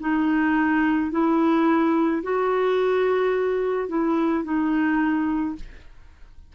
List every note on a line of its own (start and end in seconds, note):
0.00 1.11 D#4
1.12 2.23 E4
2.23 3.88 F#4
3.88 4.44 E4
4.44 5.55 D#4